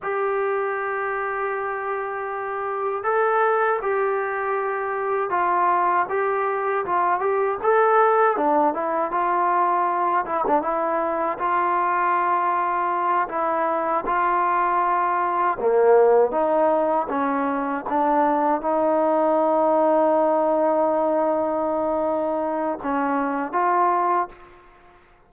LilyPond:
\new Staff \with { instrumentName = "trombone" } { \time 4/4 \tempo 4 = 79 g'1 | a'4 g'2 f'4 | g'4 f'8 g'8 a'4 d'8 e'8 | f'4. e'16 d'16 e'4 f'4~ |
f'4. e'4 f'4.~ | f'8 ais4 dis'4 cis'4 d'8~ | d'8 dis'2.~ dis'8~ | dis'2 cis'4 f'4 | }